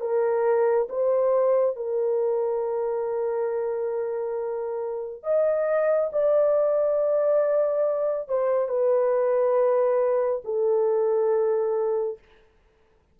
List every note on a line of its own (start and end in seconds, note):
0.00 0.87 A#4
0.89 1.75 C5
1.75 5.23 A#4
5.23 6.10 D#5
6.12 8.28 D5
8.28 8.68 C5
8.68 10.42 B4
10.44 12.18 A4